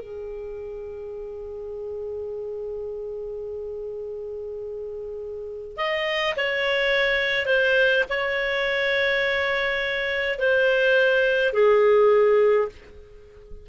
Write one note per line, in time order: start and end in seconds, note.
0.00 5.77 G#4
5.77 6.35 D#5
6.37 7.47 C#5
7.47 8.05 C5
8.10 10.39 C#5
10.39 11.54 C5
11.54 12.69 G#4